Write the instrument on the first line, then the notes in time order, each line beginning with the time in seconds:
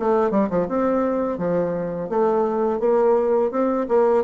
bassoon
0.00 A3
0.31 G3
0.50 F3
0.69 C4
1.38 F3
2.09 A3
2.80 A#3
3.51 C4
3.89 A#3